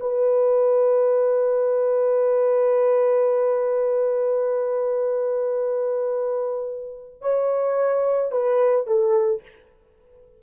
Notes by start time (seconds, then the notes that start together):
0.00 B4
7.21 C#5
8.31 B4
8.86 A4